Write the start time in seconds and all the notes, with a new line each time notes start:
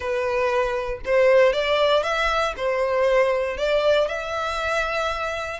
0.00 B4
1.05 C5
1.53 D5
2.03 E5
2.57 C5
3.57 D5
4.07 E5